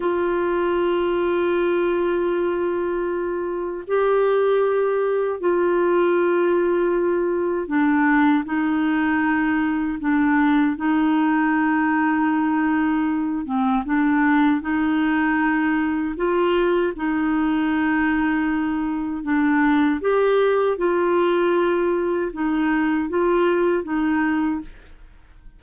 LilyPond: \new Staff \with { instrumentName = "clarinet" } { \time 4/4 \tempo 4 = 78 f'1~ | f'4 g'2 f'4~ | f'2 d'4 dis'4~ | dis'4 d'4 dis'2~ |
dis'4. c'8 d'4 dis'4~ | dis'4 f'4 dis'2~ | dis'4 d'4 g'4 f'4~ | f'4 dis'4 f'4 dis'4 | }